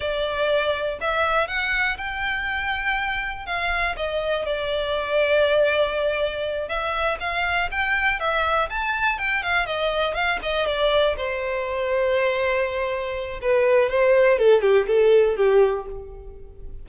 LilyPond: \new Staff \with { instrumentName = "violin" } { \time 4/4 \tempo 4 = 121 d''2 e''4 fis''4 | g''2. f''4 | dis''4 d''2.~ | d''4. e''4 f''4 g''8~ |
g''8 e''4 a''4 g''8 f''8 dis''8~ | dis''8 f''8 dis''8 d''4 c''4.~ | c''2. b'4 | c''4 a'8 g'8 a'4 g'4 | }